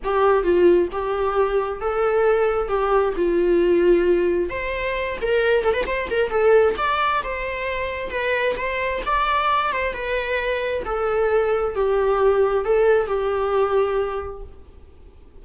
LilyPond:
\new Staff \with { instrumentName = "viola" } { \time 4/4 \tempo 4 = 133 g'4 f'4 g'2 | a'2 g'4 f'4~ | f'2 c''4. ais'8~ | ais'8 a'16 b'16 c''8 ais'8 a'4 d''4 |
c''2 b'4 c''4 | d''4. c''8 b'2 | a'2 g'2 | a'4 g'2. | }